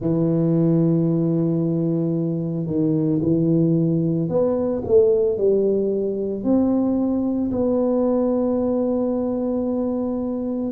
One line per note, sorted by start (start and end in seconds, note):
0.00 2.66 E3
2.66 3.19 D#3
3.21 4.29 E3
4.29 4.82 B3
4.85 5.37 A3
5.37 6.43 G3
6.43 7.50 C4
7.50 10.71 B3